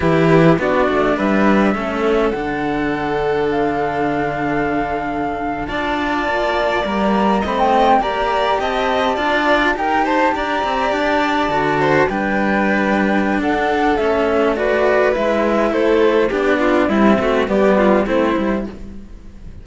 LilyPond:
<<
  \new Staff \with { instrumentName = "flute" } { \time 4/4 \tempo 4 = 103 b'4 d''4 e''2 | fis''2 f''2~ | f''4.~ f''16 a''2 ais''16~ | ais''8. b''16 g''8. ais''4 a''4~ a''16~ |
a''8. g''8 a''8 ais''4 a''4~ a''16~ | a''8. g''2~ g''16 fis''4 | e''4 d''4 e''4 c''4 | d''4 e''4 d''4 c''4 | }
  \new Staff \with { instrumentName = "violin" } { \time 4/4 g'4 fis'4 b'4 a'4~ | a'1~ | a'4.~ a'16 d''2~ d''16~ | d''8. dis''4 d''4 dis''4 d''16~ |
d''8. ais'8 c''8 d''2~ d''16~ | d''16 c''8 b'2~ b'16 a'4~ | a'4 b'2 a'4 | g'8 f'8 e'8 fis'8 g'8 f'8 e'4 | }
  \new Staff \with { instrumentName = "cello" } { \time 4/4 e'4 d'2 cis'4 | d'1~ | d'4.~ d'16 f'2 ais16~ | ais8. c'4 g'2 f'16~ |
f'8. g'2. fis'16~ | fis'8. d'2.~ d'16 | cis'4 fis'4 e'2 | d'4 g8 a8 b4 c'8 e'8 | }
  \new Staff \with { instrumentName = "cello" } { \time 4/4 e4 b8 a8 g4 a4 | d1~ | d4.~ d16 d'4 ais4 g16~ | g8. a4 ais4 c'4 d'16~ |
d'8. dis'4 d'8 c'8 d'4 d16~ | d8. g2~ g16 d'4 | a2 gis4 a4 | b4 c'4 g4 a8 g8 | }
>>